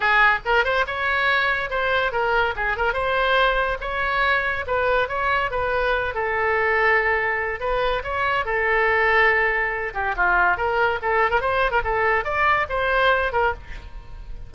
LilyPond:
\new Staff \with { instrumentName = "oboe" } { \time 4/4 \tempo 4 = 142 gis'4 ais'8 c''8 cis''2 | c''4 ais'4 gis'8 ais'8 c''4~ | c''4 cis''2 b'4 | cis''4 b'4. a'4.~ |
a'2 b'4 cis''4 | a'2.~ a'8 g'8 | f'4 ais'4 a'8. ais'16 c''8. ais'16 | a'4 d''4 c''4. ais'8 | }